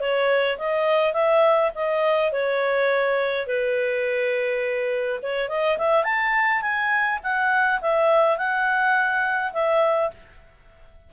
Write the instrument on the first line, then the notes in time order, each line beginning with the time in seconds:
clarinet
0.00 C#5
0.58 D#5
1.14 E5
1.75 D#5
2.32 C#5
3.47 B4
5.23 C#5
5.49 D#5
5.78 E5
6.04 A5
6.62 G#5
7.24 F#5
7.81 E5
8.38 F#5
9.53 E5